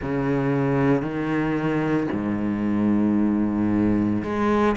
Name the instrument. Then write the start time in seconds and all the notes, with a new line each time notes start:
cello
0.01 C#3
1.01 D#3
2.12 G#2
4.23 G#3